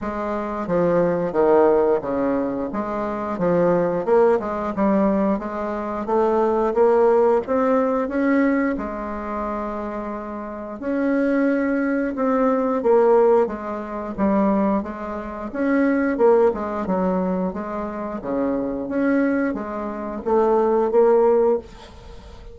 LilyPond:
\new Staff \with { instrumentName = "bassoon" } { \time 4/4 \tempo 4 = 89 gis4 f4 dis4 cis4 | gis4 f4 ais8 gis8 g4 | gis4 a4 ais4 c'4 | cis'4 gis2. |
cis'2 c'4 ais4 | gis4 g4 gis4 cis'4 | ais8 gis8 fis4 gis4 cis4 | cis'4 gis4 a4 ais4 | }